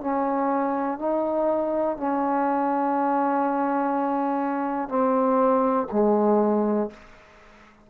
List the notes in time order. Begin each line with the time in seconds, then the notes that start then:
0.00 C#4
0.98 D#4
1.97 C#4
4.88 C4
5.92 G#3